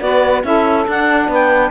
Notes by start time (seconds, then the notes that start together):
0.00 B3 F#4 B4 D5
0.42 C#4 E4 A4 E5
0.87 D4 F#5
1.28 B3 B4 G5